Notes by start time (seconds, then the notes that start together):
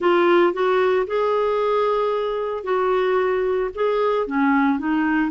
0.00 F4
0.53 F#4
1.06 G#4
2.63 F#4
3.74 G#4
4.26 C#4
4.79 D#4